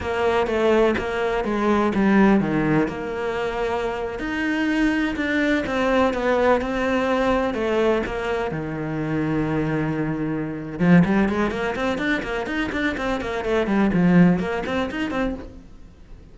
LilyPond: \new Staff \with { instrumentName = "cello" } { \time 4/4 \tempo 4 = 125 ais4 a4 ais4 gis4 | g4 dis4 ais2~ | ais8. dis'2 d'4 c'16~ | c'8. b4 c'2 a16~ |
a8. ais4 dis2~ dis16~ | dis2~ dis8 f8 g8 gis8 | ais8 c'8 d'8 ais8 dis'8 d'8 c'8 ais8 | a8 g8 f4 ais8 c'8 dis'8 c'8 | }